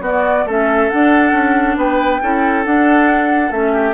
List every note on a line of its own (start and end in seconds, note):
0.00 0.43 B3
0.00 0.47 B3
0.00 0.45 F#4
0.00 0.48 D5
0.45 0.89 A3
0.45 0.91 C#4
0.45 1.77 A4
0.45 0.90 E5
0.90 2.21 D4
0.90 1.32 D4
0.90 1.77 F#5
1.32 1.76 C#4
1.77 2.20 B3
1.77 2.22 B4
1.77 2.65 G5
2.22 2.65 C#4
2.22 2.65 E4
2.22 3.73 A4
2.65 3.52 D4
2.65 3.51 D4
2.65 3.52 F#5
3.51 3.94 A3
3.51 3.94 C#4
3.51 3.94 E5
3.73 3.94 G4